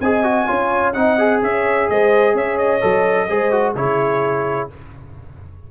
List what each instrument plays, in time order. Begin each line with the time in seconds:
0.00 tuba C4, trombone G#4, horn D#5, trumpet G#5
0.23 trombone F#4
0.46 tuba C#4, trombone F4, horn C#5
0.93 tuba C4, trombone D#4, horn D#5, trumpet F#5
1.18 trombone G#4
1.41 tuba C#4, horn C#5, trumpet E5
1.89 tuba G#3, horn C5, trumpet D#5
2.34 tuba C#4, horn C#5, trumpet E5
2.57 trumpet D#5
2.80 tuba F#3, trombone A4
3.28 tuba G#3, trombone G#4, horn C5
3.51 trombone F#4
3.75 tuba C#3, trombone E4, horn G#4, trumpet C#5